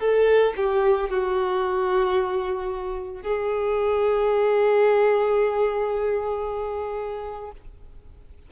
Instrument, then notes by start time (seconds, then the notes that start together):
violin
0.00 A4
0.57 G4
1.10 F#4
3.23 G#4